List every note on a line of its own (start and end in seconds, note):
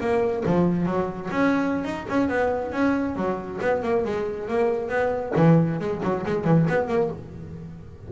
0.00 0.44 A#3
0.46 0.86 F3
0.86 1.29 F#3
1.31 1.85 C#4
1.85 2.06 D#4
2.09 2.29 C#4
2.29 2.72 B3
2.72 3.16 C#4
3.16 3.59 F#3
3.61 3.83 B3
3.83 4.05 A#3
4.05 4.48 G#3
4.48 4.89 A#3
4.89 5.32 B3
5.36 5.79 E3
5.80 6.02 G#3
6.03 6.24 F#3
6.25 6.44 G#3
6.44 6.66 E3
6.69 6.88 B3
6.88 7.09 A#3